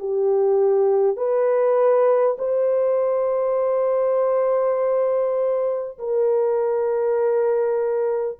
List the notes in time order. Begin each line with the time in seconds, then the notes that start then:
0.00 G4
1.17 B4
2.38 C5
5.99 A#4